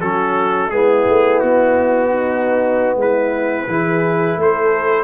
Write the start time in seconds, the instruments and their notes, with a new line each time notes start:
0.00 tuba F#3, trombone C#4, horn F#4, trumpet A4
0.71 tuba G#3, trombone B3, horn E4, trumpet G#4
1.09 tuba A3
1.40 tuba B3, trumpet F#4
2.10 horn D#4
2.97 tuba G#3, horn E4, trumpet B4
3.68 tuba E3, trombone E4, horn G#4
4.37 tuba A3, horn A4, trumpet C5